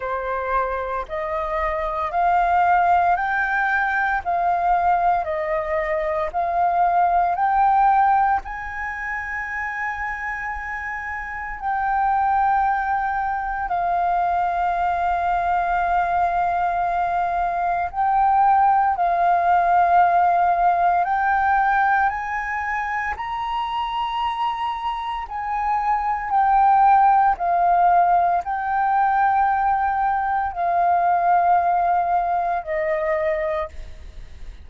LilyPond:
\new Staff \with { instrumentName = "flute" } { \time 4/4 \tempo 4 = 57 c''4 dis''4 f''4 g''4 | f''4 dis''4 f''4 g''4 | gis''2. g''4~ | g''4 f''2.~ |
f''4 g''4 f''2 | g''4 gis''4 ais''2 | gis''4 g''4 f''4 g''4~ | g''4 f''2 dis''4 | }